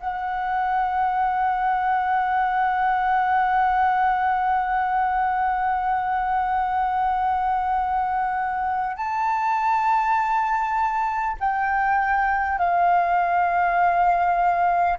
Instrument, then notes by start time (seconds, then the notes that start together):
flute
0.00 F#5
8.96 A5
11.40 G5
12.58 F5